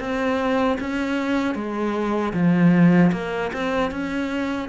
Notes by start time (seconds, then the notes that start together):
0.00 C4
0.80 C#4
1.55 G#3
2.34 F3
3.12 A#3
3.53 C4
3.91 C#4